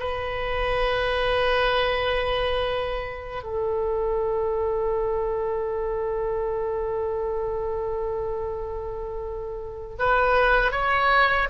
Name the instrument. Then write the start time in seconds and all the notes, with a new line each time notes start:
oboe
0.00 B4
3.43 A4
9.99 B4
10.72 C#5